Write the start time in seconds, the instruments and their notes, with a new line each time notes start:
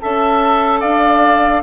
0.00 bassoon C#4, clarinet A4, oboe E5, flute A5
0.80 bassoon D4, oboe D5, flute F5